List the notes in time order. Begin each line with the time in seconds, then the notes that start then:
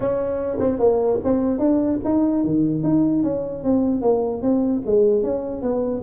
0.00 C#4
0.59 C4
0.79 A#3
1.24 C4
1.59 D4
2.04 D#4
2.44 D#3
2.83 D#4
3.23 C#4
3.63 C4
4.01 A#3
4.42 C4
4.86 G#3
5.23 C#4
5.61 B3